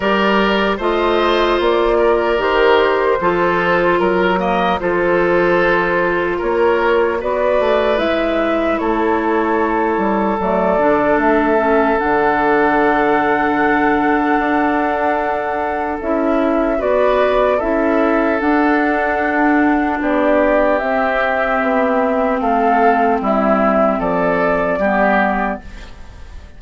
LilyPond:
<<
  \new Staff \with { instrumentName = "flute" } { \time 4/4 \tempo 4 = 75 d''4 dis''4 d''4 c''4~ | c''4 ais'4 c''2 | cis''4 d''4 e''4 cis''4~ | cis''4 d''4 e''4 fis''4~ |
fis''1 | e''4 d''4 e''4 fis''4~ | fis''4 d''4 e''2 | f''4 e''4 d''2 | }
  \new Staff \with { instrumentName = "oboe" } { \time 4/4 ais'4 c''4. ais'4. | a'4 ais'8 dis''8 a'2 | ais'4 b'2 a'4~ | a'1~ |
a'1~ | a'4 b'4 a'2~ | a'4 g'2. | a'4 e'4 a'4 g'4 | }
  \new Staff \with { instrumentName = "clarinet" } { \time 4/4 g'4 f'2 g'4 | f'4. ais8 f'2~ | f'4 fis'4 e'2~ | e'4 a8 d'4 cis'8 d'4~ |
d'1 | e'4 fis'4 e'4 d'4~ | d'2 c'2~ | c'2. b4 | }
  \new Staff \with { instrumentName = "bassoon" } { \time 4/4 g4 a4 ais4 dis4 | f4 fis4 f2 | ais4 b8 a8 gis4 a4~ | a8 g8 fis8 d8 a4 d4~ |
d2 d'2 | cis'4 b4 cis'4 d'4~ | d'4 b4 c'4 b4 | a4 g4 f4 g4 | }
>>